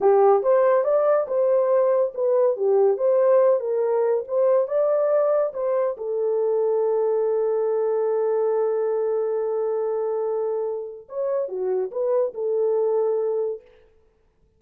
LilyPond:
\new Staff \with { instrumentName = "horn" } { \time 4/4 \tempo 4 = 141 g'4 c''4 d''4 c''4~ | c''4 b'4 g'4 c''4~ | c''8 ais'4. c''4 d''4~ | d''4 c''4 a'2~ |
a'1~ | a'1~ | a'2 cis''4 fis'4 | b'4 a'2. | }